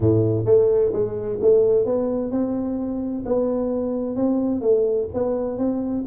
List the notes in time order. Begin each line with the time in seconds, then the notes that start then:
0.00 A2
0.45 A3
0.92 G#3
1.41 A3
1.85 B3
2.31 C4
3.25 B3
4.16 C4
4.61 A3
5.13 B3
5.58 C4